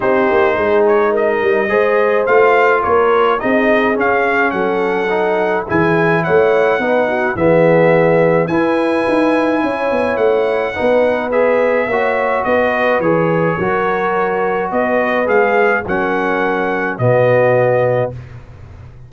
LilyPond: <<
  \new Staff \with { instrumentName = "trumpet" } { \time 4/4 \tempo 4 = 106 c''4. cis''8 dis''2 | f''4 cis''4 dis''4 f''4 | fis''2 gis''4 fis''4~ | fis''4 e''2 gis''4~ |
gis''2 fis''2 | e''2 dis''4 cis''4~ | cis''2 dis''4 f''4 | fis''2 dis''2 | }
  \new Staff \with { instrumentName = "horn" } { \time 4/4 g'4 gis'4 ais'4 c''4~ | c''4 ais'4 gis'2 | a'2 gis'4 cis''4 | b'8 fis'8 gis'2 b'4~ |
b'4 cis''2 b'4~ | b'4 cis''4 b'2 | ais'2 b'2 | ais'2 fis'2 | }
  \new Staff \with { instrumentName = "trombone" } { \time 4/4 dis'2. gis'4 | f'2 dis'4 cis'4~ | cis'4 dis'4 e'2 | dis'4 b2 e'4~ |
e'2. dis'4 | gis'4 fis'2 gis'4 | fis'2. gis'4 | cis'2 b2 | }
  \new Staff \with { instrumentName = "tuba" } { \time 4/4 c'8 ais8 gis4. g8 gis4 | a4 ais4 c'4 cis'4 | fis2 e4 a4 | b4 e2 e'4 |
dis'4 cis'8 b8 a4 b4~ | b4 ais4 b4 e4 | fis2 b4 gis4 | fis2 b,2 | }
>>